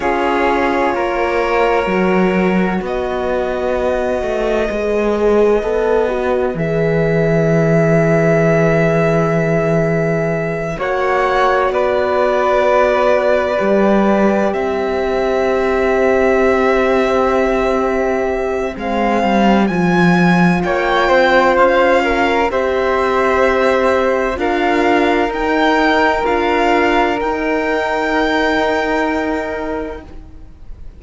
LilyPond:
<<
  \new Staff \with { instrumentName = "violin" } { \time 4/4 \tempo 4 = 64 cis''2. dis''4~ | dis''2. e''4~ | e''2.~ e''8 fis''8~ | fis''8 d''2. e''8~ |
e''1 | f''4 gis''4 g''4 f''4 | e''2 f''4 g''4 | f''4 g''2. | }
  \new Staff \with { instrumentName = "flute" } { \time 4/4 gis'4 ais'2 b'4~ | b'1~ | b'2.~ b'8 cis''8~ | cis''8 b'2. c''8~ |
c''1~ | c''2 cis''8 c''4 ais'8 | c''2 ais'2~ | ais'1 | }
  \new Staff \with { instrumentName = "horn" } { \time 4/4 f'2 fis'2~ | fis'4 gis'4 a'8 fis'8 gis'4~ | gis'2.~ gis'8 fis'8~ | fis'2~ fis'8 g'4.~ |
g'1 | c'4 f'2. | g'2 f'4 dis'4 | f'4 dis'2. | }
  \new Staff \with { instrumentName = "cello" } { \time 4/4 cis'4 ais4 fis4 b4~ | b8 a8 gis4 b4 e4~ | e2.~ e8 ais8~ | ais8 b2 g4 c'8~ |
c'1 | gis8 g8 f4 ais8 c'8 cis'4 | c'2 d'4 dis'4 | d'4 dis'2. | }
>>